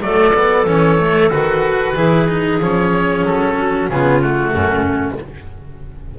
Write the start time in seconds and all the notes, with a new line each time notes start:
0.00 F#3 A3 A4 D5
0.34 B3
0.65 E3 C#4 C#5
0.98 A3
1.30 D#3 F#4 B4
1.93 E3 E4 G#4
2.28 D#4
2.60 F3 C#4 C#5
3.23 F#3 A4
3.57 F#4
3.89 C#3 B3 F4 G#4
4.21 A3 F#4
4.52 F#2 C#4